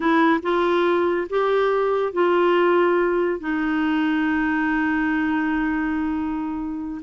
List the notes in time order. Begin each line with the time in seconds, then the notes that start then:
0.00 E4
0.42 F4
1.29 G4
2.12 F4
3.40 D#4